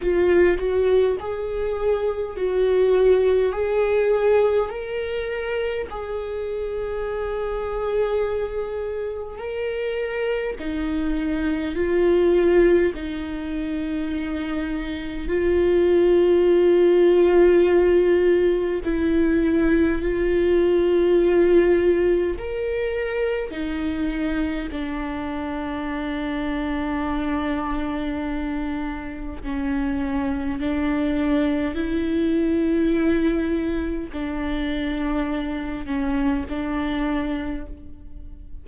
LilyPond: \new Staff \with { instrumentName = "viola" } { \time 4/4 \tempo 4 = 51 f'8 fis'8 gis'4 fis'4 gis'4 | ais'4 gis'2. | ais'4 dis'4 f'4 dis'4~ | dis'4 f'2. |
e'4 f'2 ais'4 | dis'4 d'2.~ | d'4 cis'4 d'4 e'4~ | e'4 d'4. cis'8 d'4 | }